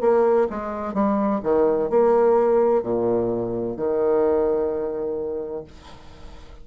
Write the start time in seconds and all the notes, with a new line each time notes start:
0.00 A#3
0.49 G#3
0.93 G3
1.43 D#3
1.89 A#3
2.83 A#2
3.76 D#3